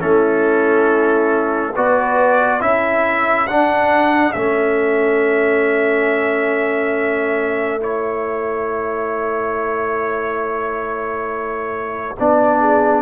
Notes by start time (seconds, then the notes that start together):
0.00 A3 C#4 E4 A4
1.76 B3 F#4 B4 D5
2.61 C#4 E4 A4 E5
3.48 D4 F#5
4.33 A3 C#4 E5
7.81 E4 C#5
12.20 B3 D4 D5
12.60 G#4